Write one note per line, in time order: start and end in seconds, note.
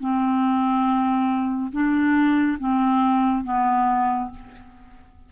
0.00 1.71 C4
1.72 2.58 D4
2.59 3.44 C4
3.44 4.30 B3